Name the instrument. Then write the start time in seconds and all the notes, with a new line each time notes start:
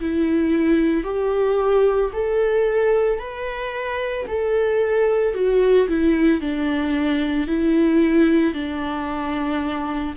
viola
0.00 E4
1.04 G4
2.12 A4
3.19 B4
4.27 A4
5.34 F#4
5.88 E4
6.40 D4
7.47 E4
8.54 D4